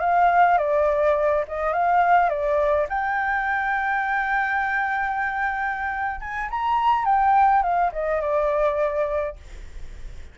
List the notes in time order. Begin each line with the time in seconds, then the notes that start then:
0.00 F5
0.58 D5
1.48 D#5
1.73 F5
2.29 D5
2.89 G5
6.20 G#5
6.50 A#5
7.05 G5
7.62 F5
7.92 D#5
8.21 D5